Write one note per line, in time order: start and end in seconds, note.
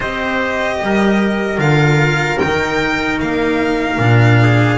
0.00 0.80 C4
0.00 1.57 G4
0.00 0.77 C5
0.00 1.59 D#5
0.81 1.58 G3
0.81 4.42 A#4
1.57 2.38 D3
1.57 2.37 F4
1.57 2.38 F5
2.38 3.21 D#3
2.38 3.98 D#4
2.38 3.18 G5
3.20 3.98 A#3
3.20 4.77 F5
3.98 4.77 A#2
3.98 4.77 D4
4.42 4.77 G#4